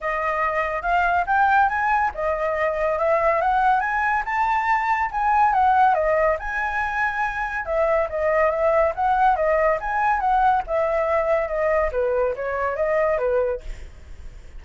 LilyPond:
\new Staff \with { instrumentName = "flute" } { \time 4/4 \tempo 4 = 141 dis''2 f''4 g''4 | gis''4 dis''2 e''4 | fis''4 gis''4 a''2 | gis''4 fis''4 dis''4 gis''4~ |
gis''2 e''4 dis''4 | e''4 fis''4 dis''4 gis''4 | fis''4 e''2 dis''4 | b'4 cis''4 dis''4 b'4 | }